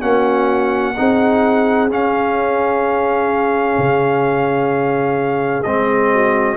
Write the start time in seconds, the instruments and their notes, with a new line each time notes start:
0.00 tuba A#3, trombone C#4, horn F#4, trumpet F#5
0.96 tuba C4, trombone D#4, horn G#4
1.89 trombone C#4, tuba C#4, trumpet F5
3.78 tuba C#3
5.63 tuba G#3, trombone C4, trumpet D#5
6.12 horn F#4